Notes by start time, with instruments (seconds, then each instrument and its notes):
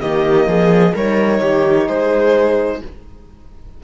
0.00 cello D#3, horn A#3, viola G4, violin D#5
0.46 cello F3, viola G#4
0.93 cello G3, horn D#4, viola A#4, violin C#5
1.40 cello D#3, viola G4
1.87 cello G#3, viola G#4, violin C5